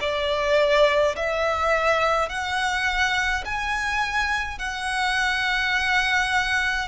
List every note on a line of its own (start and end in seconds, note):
0.00 1.15 D5
1.16 2.29 E5
2.29 3.45 F#5
3.45 4.59 G#5
4.59 6.88 F#5